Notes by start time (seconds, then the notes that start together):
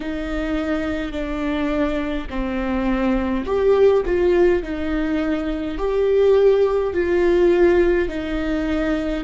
0.00 D#4
1.12 D4
2.29 C4
3.45 G4
4.05 F4
4.62 D#4
5.77 G4
6.93 F4
8.08 D#4